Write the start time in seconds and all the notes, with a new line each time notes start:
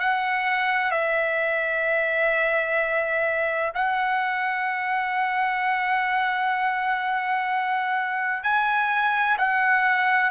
0.00 F#5
0.91 E5
3.75 F#5
8.43 G#5
9.38 F#5